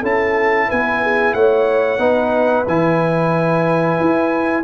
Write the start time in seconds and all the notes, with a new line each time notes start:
0.00 C#4 E4 A4 A5
0.68 B3 B4 G#5
1.02 G#4
1.33 A3 C#5 F#5
1.98 B3 D#4 B4
2.67 E3 E4 G#5
4.00 E4